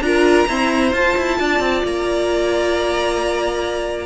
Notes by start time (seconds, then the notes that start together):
0.00 D4 F4 A#4 A#5
0.47 C4 E4 C5
0.92 F4 A5
1.17 E4
1.38 D4 D5
1.59 C4
1.84 A#3 A#5